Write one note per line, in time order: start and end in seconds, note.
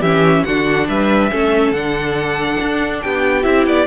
0.00 0.43 E3
0.00 0.46 C#4
0.00 0.43 G4
0.00 0.44 E5
0.44 0.88 D3
0.44 1.30 D4
0.44 0.88 F#4
0.44 0.87 F#5
0.88 1.31 G3
0.88 1.30 B4
0.88 1.72 E5
1.30 1.71 A3
1.30 1.73 C#4
1.30 3.02 A4
1.71 2.56 D3
1.71 3.42 D4
1.71 3.01 F#5
2.61 3.04 D4
3.01 3.45 B3
3.01 3.86 G4
3.01 3.43 G5
3.42 3.66 C4
3.42 3.85 E4
3.42 3.64 E5
3.66 3.86 B3
3.66 3.86 D5